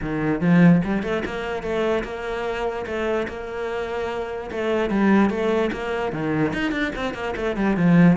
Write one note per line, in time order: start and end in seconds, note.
0.01 0.40 D#3
0.40 0.81 F3
0.84 1.03 G3
1.03 1.23 A3
1.25 1.63 A#3
1.63 2.03 A3
2.04 2.85 A#3
2.86 3.27 A3
3.28 4.50 A#3
4.51 4.90 A3
4.90 5.29 G3
5.29 5.70 A3
5.72 6.12 A#3
6.12 6.53 D#3
6.53 6.71 D#4
6.71 6.92 D4
6.95 7.14 C4
7.14 7.34 A#3
7.36 7.56 A3
7.56 7.76 G3
7.76 8.17 F3